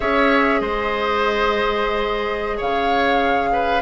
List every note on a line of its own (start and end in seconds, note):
0.00 0.60 C#4
0.00 3.81 G#4
0.00 0.61 C#5
0.00 0.60 E5
0.60 2.59 G#3
0.60 2.57 C5
0.60 2.59 D#5
2.57 3.81 C#3
2.57 3.49 C#5
2.57 3.81 F5
3.52 3.81 B4